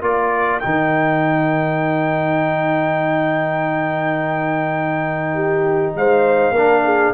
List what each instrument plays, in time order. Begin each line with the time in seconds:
0.00 tuba A#3, trombone F4, horn A#4, trumpet D5
0.60 tuba D#3, trombone D#4, trumpet G5
5.34 horn G4
5.95 tuba G#3, horn C5, trumpet F5
6.52 tuba A#3, trombone D4, horn A#4
6.85 horn G#4